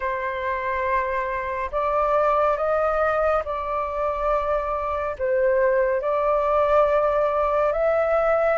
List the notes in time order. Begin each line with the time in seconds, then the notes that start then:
0.00 C5
1.71 D5
2.57 D#5
3.44 D5
5.18 C5
6.01 D5
7.72 E5